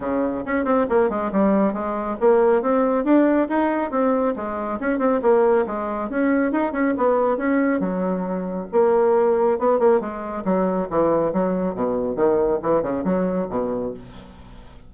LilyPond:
\new Staff \with { instrumentName = "bassoon" } { \time 4/4 \tempo 4 = 138 cis4 cis'8 c'8 ais8 gis8 g4 | gis4 ais4 c'4 d'4 | dis'4 c'4 gis4 cis'8 c'8 | ais4 gis4 cis'4 dis'8 cis'8 |
b4 cis'4 fis2 | ais2 b8 ais8 gis4 | fis4 e4 fis4 b,4 | dis4 e8 cis8 fis4 b,4 | }